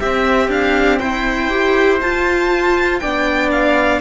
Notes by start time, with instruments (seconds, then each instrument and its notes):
0.00 viola C4, cello C4, trumpet G4, violin E5
0.49 cello D4, violin F5
0.99 cello E4, trumpet C5, violin G5
1.49 viola G4
2.01 cello F4, viola F4, violin A5
2.99 cello B3, viola D4, trumpet D5, violin G5
3.51 violin F5